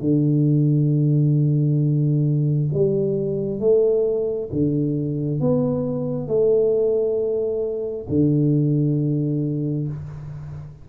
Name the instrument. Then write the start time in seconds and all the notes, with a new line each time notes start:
tuba
0.00 D3
2.73 G3
3.59 A3
4.52 D3
5.40 B3
6.27 A3
8.08 D3